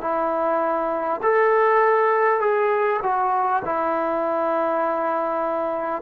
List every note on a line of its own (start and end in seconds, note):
0.00 1.20 E4
1.22 2.40 A4
2.40 3.00 G#4
3.02 3.62 F#4
3.64 6.02 E4